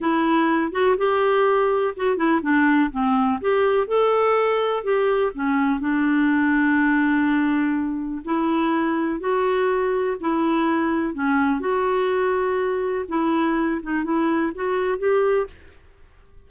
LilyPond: \new Staff \with { instrumentName = "clarinet" } { \time 4/4 \tempo 4 = 124 e'4. fis'8 g'2 | fis'8 e'8 d'4 c'4 g'4 | a'2 g'4 cis'4 | d'1~ |
d'4 e'2 fis'4~ | fis'4 e'2 cis'4 | fis'2. e'4~ | e'8 dis'8 e'4 fis'4 g'4 | }